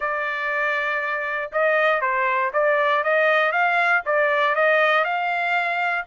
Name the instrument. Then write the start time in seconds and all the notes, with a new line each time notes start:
trumpet
0.00 D5
1.52 D#5
2.01 C5
2.53 D5
3.03 D#5
3.52 F5
4.05 D5
4.55 D#5
5.04 F5